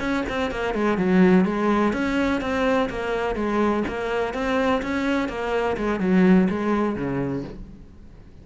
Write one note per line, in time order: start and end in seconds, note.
0.00 0.24 C#4
0.29 0.51 C4
0.51 0.74 A#3
0.74 0.98 G#3
0.98 1.45 F#3
1.45 1.93 G#3
1.93 2.41 C#4
2.41 2.89 C4
2.90 3.36 A#3
3.36 3.84 G#3
3.88 4.34 A#3
4.34 4.82 C4
4.83 5.29 C#4
5.29 5.77 A#3
5.78 6.00 G#3
6.00 6.48 F#3
6.50 6.96 G#3
6.96 7.44 C#3